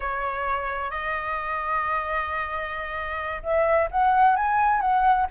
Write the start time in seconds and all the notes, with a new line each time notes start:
0.00 C#5
0.90 D#5
3.42 E5
3.91 F#5
4.36 G#5
4.80 F#5